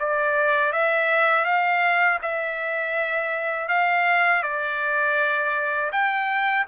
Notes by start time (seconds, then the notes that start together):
0.00 D5
0.73 E5
1.45 F5
2.23 E5
3.69 F5
4.43 D5
5.93 G5